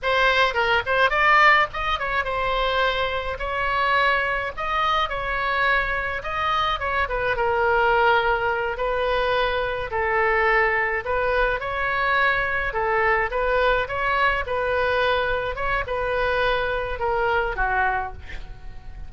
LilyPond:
\new Staff \with { instrumentName = "oboe" } { \time 4/4 \tempo 4 = 106 c''4 ais'8 c''8 d''4 dis''8 cis''8 | c''2 cis''2 | dis''4 cis''2 dis''4 | cis''8 b'8 ais'2~ ais'8 b'8~ |
b'4. a'2 b'8~ | b'8 cis''2 a'4 b'8~ | b'8 cis''4 b'2 cis''8 | b'2 ais'4 fis'4 | }